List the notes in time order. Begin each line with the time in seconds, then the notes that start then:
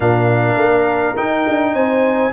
0.00 A#2 D4 A#4 F5
0.57 A#3
1.16 D#4 G5
1.48 D4
1.73 C4 C5 G#5